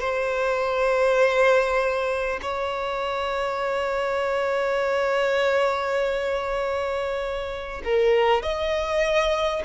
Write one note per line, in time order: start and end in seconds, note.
0.00 2.40 C5
2.42 7.82 C#5
7.84 8.42 A#4
8.42 9.62 D#5